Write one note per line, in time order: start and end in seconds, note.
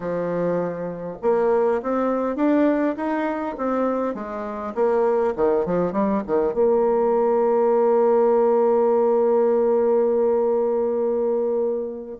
0.00 1.17 F3
1.22 1.81 A#3
1.82 2.36 C4
2.36 2.95 D4
2.96 3.55 D#4
3.57 4.14 C4
4.14 4.73 G#3
4.74 5.34 A#3
5.36 5.65 D#3
5.65 5.92 F3
5.92 6.22 G3
6.26 6.53 D#3
6.53 12.18 A#3